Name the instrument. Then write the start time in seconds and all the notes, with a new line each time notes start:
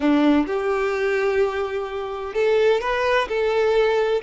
violin
0.00 D4
0.47 G4
2.34 A4
2.81 B4
3.28 A4